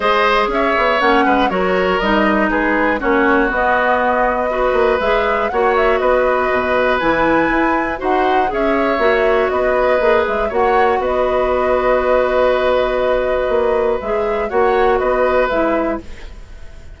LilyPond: <<
  \new Staff \with { instrumentName = "flute" } { \time 4/4 \tempo 4 = 120 dis''4 e''4 fis''4 cis''4 | dis''4 b'4 cis''4 dis''4~ | dis''2 e''4 fis''8 e''8 | dis''2 gis''2 |
fis''4 e''2 dis''4~ | dis''8 e''8 fis''4 dis''2~ | dis''1 | e''4 fis''4 dis''4 e''4 | }
  \new Staff \with { instrumentName = "oboe" } { \time 4/4 c''4 cis''4. b'8 ais'4~ | ais'4 gis'4 fis'2~ | fis'4 b'2 cis''4 | b'1 |
c''4 cis''2 b'4~ | b'4 cis''4 b'2~ | b'1~ | b'4 cis''4 b'2 | }
  \new Staff \with { instrumentName = "clarinet" } { \time 4/4 gis'2 cis'4 fis'4 | dis'2 cis'4 b4~ | b4 fis'4 gis'4 fis'4~ | fis'2 e'2 |
fis'4 gis'4 fis'2 | gis'4 fis'2.~ | fis'1 | gis'4 fis'2 e'4 | }
  \new Staff \with { instrumentName = "bassoon" } { \time 4/4 gis4 cis'8 b8 ais8 gis8 fis4 | g4 gis4 ais4 b4~ | b4. ais8 gis4 ais4 | b4 b,4 e4 e'4 |
dis'4 cis'4 ais4 b4 | ais8 gis8 ais4 b2~ | b2. ais4 | gis4 ais4 b4 gis4 | }
>>